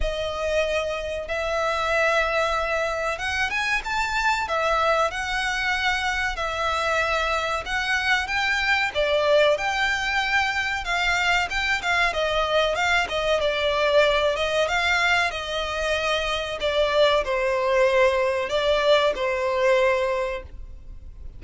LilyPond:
\new Staff \with { instrumentName = "violin" } { \time 4/4 \tempo 4 = 94 dis''2 e''2~ | e''4 fis''8 gis''8 a''4 e''4 | fis''2 e''2 | fis''4 g''4 d''4 g''4~ |
g''4 f''4 g''8 f''8 dis''4 | f''8 dis''8 d''4. dis''8 f''4 | dis''2 d''4 c''4~ | c''4 d''4 c''2 | }